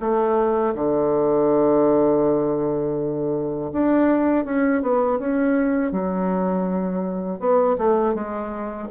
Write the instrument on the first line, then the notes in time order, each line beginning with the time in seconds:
bassoon
0.00 A3
0.75 D3
3.72 D4
4.45 C#4
4.82 B3
5.19 C#4
5.92 F#3
7.39 B3
7.78 A3
8.14 G#3